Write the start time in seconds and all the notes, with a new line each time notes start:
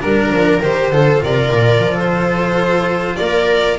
0.00 G3 D4 A#4
0.30 F3
0.61 D#3 G4 C5
0.91 D3 F4 A4
1.22 C3 A#4 D5
1.50 A#2
1.79 F3
1.94 A4 C5
3.16 A#3 A#4 D5